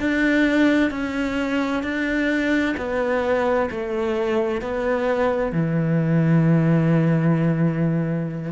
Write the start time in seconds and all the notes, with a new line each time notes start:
0.00 D4
0.91 C#4
1.83 D4
2.77 B3
3.71 A3
4.62 B3
5.53 E3